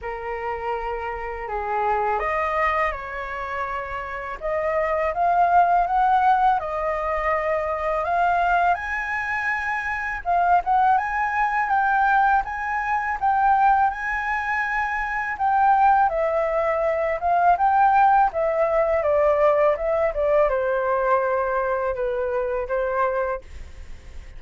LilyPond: \new Staff \with { instrumentName = "flute" } { \time 4/4 \tempo 4 = 82 ais'2 gis'4 dis''4 | cis''2 dis''4 f''4 | fis''4 dis''2 f''4 | gis''2 f''8 fis''8 gis''4 |
g''4 gis''4 g''4 gis''4~ | gis''4 g''4 e''4. f''8 | g''4 e''4 d''4 e''8 d''8 | c''2 b'4 c''4 | }